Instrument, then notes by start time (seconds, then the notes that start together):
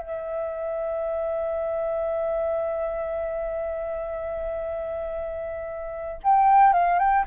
flute
0.00 E5
6.23 G5
6.73 F5
6.99 G5